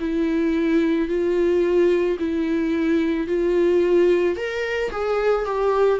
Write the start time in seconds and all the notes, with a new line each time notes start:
0.00 E4
1.08 F4
2.19 E4
3.27 F4
4.36 A#4
4.91 G#4
5.45 G4